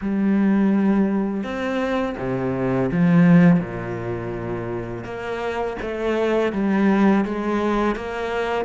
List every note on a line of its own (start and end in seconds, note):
0.01 1.43 G3
1.43 2.15 C4
2.18 2.90 C3
2.91 3.59 F3
3.59 5.04 A#2
5.04 5.76 A#3
5.81 6.52 A3
6.52 7.24 G3
7.24 7.95 G#3
7.95 8.65 A#3